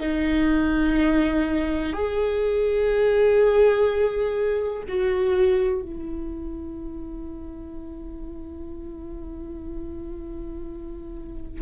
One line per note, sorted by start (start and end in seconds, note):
0.00 1.93 D#4
1.93 4.83 G#4
4.88 5.82 F#4
5.82 11.62 E4